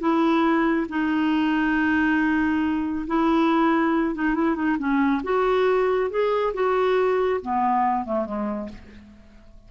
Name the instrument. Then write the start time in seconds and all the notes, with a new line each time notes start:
clarinet
0.00 E4
0.89 D#4
3.07 E4
4.15 D#4
4.35 E4
4.56 D#4
4.79 C#4
5.24 F#4
6.10 G#4
6.54 F#4
7.42 B3
8.05 A3
8.26 G#3